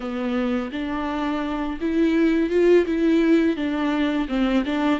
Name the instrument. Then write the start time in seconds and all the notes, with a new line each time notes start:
viola
0.00 B3
0.72 D4
1.80 E4
2.49 F4
2.86 E4
3.56 D4
4.28 C4
4.65 D4